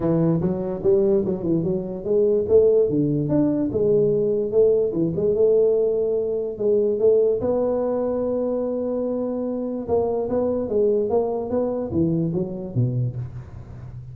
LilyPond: \new Staff \with { instrumentName = "tuba" } { \time 4/4 \tempo 4 = 146 e4 fis4 g4 fis8 e8 | fis4 gis4 a4 d4 | d'4 gis2 a4 | e8 gis8 a2. |
gis4 a4 b2~ | b1 | ais4 b4 gis4 ais4 | b4 e4 fis4 b,4 | }